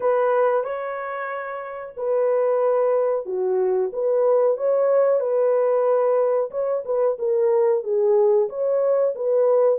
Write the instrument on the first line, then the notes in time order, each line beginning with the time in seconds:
horn
0.00 B4
0.63 C#5
1.97 B4
3.25 F#4
3.92 B4
4.57 C#5
5.20 B4
6.50 C#5
6.85 B4
7.18 A#4
7.83 G#4
8.49 C#5
9.15 B4